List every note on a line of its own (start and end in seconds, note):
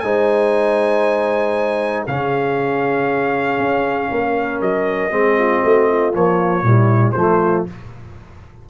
0.00 2.06 G#3
0.00 2.08 D#4
0.00 2.07 C5
0.00 2.03 G#5
2.07 3.59 C#3
2.07 5.11 C#4
2.07 4.10 G#4
2.07 4.61 F5
3.59 4.10 C#4
4.11 4.61 A#3
4.11 5.13 A#4
4.61 5.12 F#3
4.61 6.14 D#5
5.11 5.63 G#3
5.11 6.13 C4
5.11 5.38 G#4
5.38 5.63 F4
5.63 6.15 A3
5.63 5.88 F#4
5.88 6.65 F4
6.14 6.64 F3
6.14 6.63 A#3
6.14 7.12 C#5
6.63 7.14 A#2
6.63 7.15 G3
6.63 7.16 E4
7.12 7.66 F3
7.12 7.67 A3
7.12 7.63 C5
7.19 7.69 F4